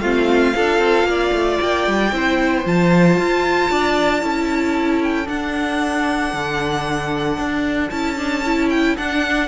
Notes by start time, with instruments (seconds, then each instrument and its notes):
0.00 cello A3, viola C4, violin F4 F5
0.54 cello D4, viola F4, violin A4
0.78 cello C4
1.04 cello A#3, violin D5
1.32 cello A3
1.61 cello A#3, violin G5
1.87 cello G3
2.12 cello C4, viola E4, violin C5
2.64 cello F3, viola F4, violin A5
3.17 cello F4
3.70 cello D4, violin D5
4.21 cello C#4, viola E4, violin A4
5.02 violin G5
5.25 viola D4, cello D4, violin F#5
6.33 cello D3
7.37 cello D4
7.90 cello C#4, viola E4, violin A5
8.17 viola D4
8.45 viola E4
8.69 violin G5
8.97 viola D4, cello D4, violin F#5